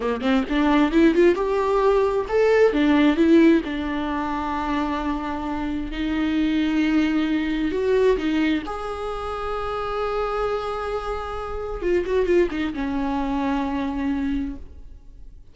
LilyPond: \new Staff \with { instrumentName = "viola" } { \time 4/4 \tempo 4 = 132 ais8 c'8 d'4 e'8 f'8 g'4~ | g'4 a'4 d'4 e'4 | d'1~ | d'4 dis'2.~ |
dis'4 fis'4 dis'4 gis'4~ | gis'1~ | gis'2 f'8 fis'8 f'8 dis'8 | cis'1 | }